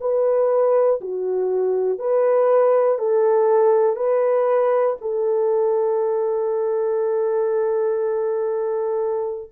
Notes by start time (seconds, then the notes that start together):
0.00 B4
1.00 F#4
1.98 B4
2.98 A4
3.95 B4
5.00 A4